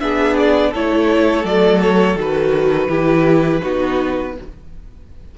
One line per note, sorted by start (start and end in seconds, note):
0.00 0.74 B3
0.00 0.73 D4
0.00 0.71 G#4
0.00 0.36 E5
0.37 0.73 D5
0.71 1.44 A3
0.71 1.44 E4
0.71 2.87 A4
0.71 1.45 C#5
1.44 2.15 F#3
1.44 2.16 A3
1.44 1.82 D5
1.82 2.18 C#5
2.15 2.88 D#3
2.15 2.89 F#4
2.15 4.38 B4
2.89 3.61 E3
2.89 3.61 E4
2.89 3.61 G4
3.62 4.37 B3
3.62 4.34 D#4
3.62 4.34 F#4